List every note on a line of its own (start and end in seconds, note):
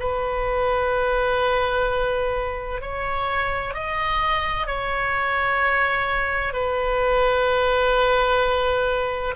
0.00 2.81 B4
2.82 3.75 C#5
3.75 4.67 D#5
4.67 6.54 C#5
6.54 9.35 B4